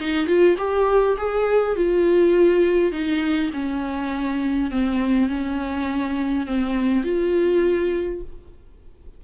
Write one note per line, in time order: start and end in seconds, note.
0.00 0.27 D#4
0.27 0.56 F4
0.58 1.17 G4
1.18 1.76 G#4
1.76 2.92 F4
2.92 3.51 D#4
3.53 4.71 C#4
4.71 5.29 C4
5.29 6.46 C#4
6.47 7.04 C4
7.04 8.21 F4